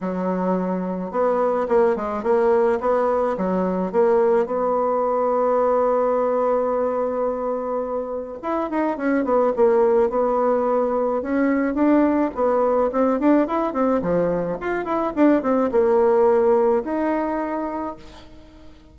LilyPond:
\new Staff \with { instrumentName = "bassoon" } { \time 4/4 \tempo 4 = 107 fis2 b4 ais8 gis8 | ais4 b4 fis4 ais4 | b1~ | b2. e'8 dis'8 |
cis'8 b8 ais4 b2 | cis'4 d'4 b4 c'8 d'8 | e'8 c'8 f4 f'8 e'8 d'8 c'8 | ais2 dis'2 | }